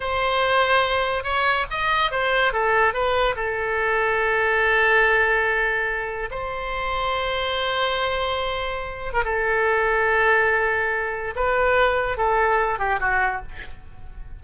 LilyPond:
\new Staff \with { instrumentName = "oboe" } { \time 4/4 \tempo 4 = 143 c''2. cis''4 | dis''4 c''4 a'4 b'4 | a'1~ | a'2. c''4~ |
c''1~ | c''4.~ c''16 ais'16 a'2~ | a'2. b'4~ | b'4 a'4. g'8 fis'4 | }